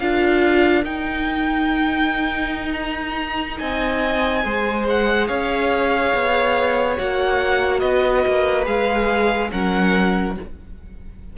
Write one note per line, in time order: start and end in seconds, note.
0.00 0.85 D4
0.00 0.85 F4
0.00 3.59 A#4
0.00 0.85 F5
0.85 4.44 D#4
0.85 3.60 D#4
0.85 2.73 G5
2.73 3.57 A#5
3.59 4.45 C4
3.59 4.43 D#5
3.59 4.86 G#5
4.44 5.29 G#3
4.44 6.97 G#4
4.44 5.28 C5
4.90 5.28 F#5
5.28 6.14 C#4
5.28 7.80 C#5
5.28 6.97 F5
6.15 6.99 B3
6.97 7.83 A#3
6.97 8.65 F#4
6.97 7.80 F#5
7.80 8.25 B3
7.80 9.49 B4
7.80 8.65 D#5
8.28 8.67 A#3
8.65 9.52 G#3
8.65 9.50 G#4
8.65 9.51 F5
9.51 10.38 F#3
9.51 10.36 C#4
9.51 10.37 A#4
9.51 10.37 F#5